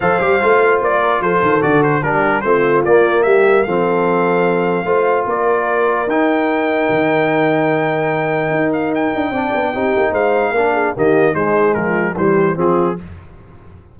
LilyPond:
<<
  \new Staff \with { instrumentName = "trumpet" } { \time 4/4 \tempo 4 = 148 f''2 d''4 c''4 | d''8 c''8 ais'4 c''4 d''4 | e''4 f''2.~ | f''4 d''2 g''4~ |
g''1~ | g''4. f''8 g''2~ | g''4 f''2 dis''4 | c''4 ais'4 c''4 gis'4 | }
  \new Staff \with { instrumentName = "horn" } { \time 4/4 c''2~ c''8 ais'8 a'4~ | a'4 g'4 f'2 | g'4 a'2. | c''4 ais'2.~ |
ais'1~ | ais'2. d''4 | g'4 c''4 ais'8 gis'8 g'4 | dis'4 f'4 g'4 f'4 | }
  \new Staff \with { instrumentName = "trombone" } { \time 4/4 a'8 g'8 f'2. | fis'4 d'4 c'4 ais4~ | ais4 c'2. | f'2. dis'4~ |
dis'1~ | dis'2. d'4 | dis'2 d'4 ais4 | gis2 g4 c'4 | }
  \new Staff \with { instrumentName = "tuba" } { \time 4/4 f8 g8 a4 ais4 f8 dis8 | d4 g4 a4 ais4 | g4 f2. | a4 ais2 dis'4~ |
dis'4 dis2.~ | dis4 dis'4. d'8 c'8 b8 | c'8 ais8 gis4 ais4 dis4 | gis4 f4 e4 f4 | }
>>